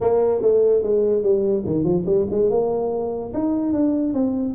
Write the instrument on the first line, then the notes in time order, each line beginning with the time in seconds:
tuba
0.00 A#3
0.41 A3
0.82 G#3
1.22 G3
1.66 D#3
1.84 F3
2.06 G3
2.30 G#3
2.50 A#3
3.33 D#4
3.72 D4
4.13 C4